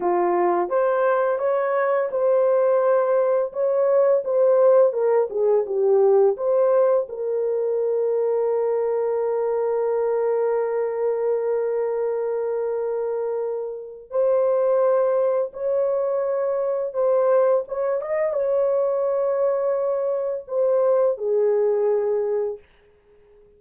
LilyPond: \new Staff \with { instrumentName = "horn" } { \time 4/4 \tempo 4 = 85 f'4 c''4 cis''4 c''4~ | c''4 cis''4 c''4 ais'8 gis'8 | g'4 c''4 ais'2~ | ais'1~ |
ais'1 | c''2 cis''2 | c''4 cis''8 dis''8 cis''2~ | cis''4 c''4 gis'2 | }